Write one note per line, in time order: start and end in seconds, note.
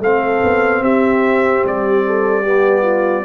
0.00 0.41 A3
0.00 2.45 C4
0.00 0.83 A4
0.00 0.84 F5
0.44 0.82 B3
0.82 1.63 C4
0.82 2.04 G4
0.82 1.65 E5
1.65 3.25 G3
1.65 3.25 D5
2.06 2.43 A4
2.43 3.25 B3
2.43 2.82 G4
2.82 3.23 F4